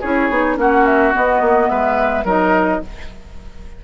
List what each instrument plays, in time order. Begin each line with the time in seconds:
0.00 bassoon C#4, clarinet E4, oboe G#4, flute C#5
0.29 bassoon B3, clarinet D#4
0.57 bassoon A#3, clarinet C#4, oboe F#4, flute F#5
0.86 flute E5
1.12 clarinet B3, bassoon B3, flute D#5
1.41 bassoon A#3
1.69 bassoon G#3, oboe B4, flute E5
2.24 bassoon F#3, clarinet D#4, oboe A#4, flute D#5